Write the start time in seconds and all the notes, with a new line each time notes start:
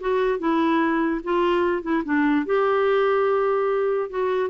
0.00 F#4
0.39 E4
1.24 F4
1.82 E4
2.04 D4
2.45 G4
4.09 F#4